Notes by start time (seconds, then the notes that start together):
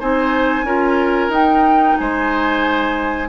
0.00 C4 D#4 C5 G#5
0.64 C#4 F4 A#4
1.29 D#4 G5
1.98 G#3 C5 G#5